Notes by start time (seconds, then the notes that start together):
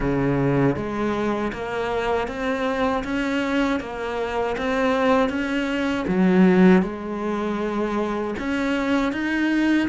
0.00 C#3
0.76 G#3
1.52 A#3
2.27 C4
3.04 C#4
3.80 A#3
4.57 C4
5.29 C#4
6.07 F#3
6.82 G#3
8.39 C#4
9.12 D#4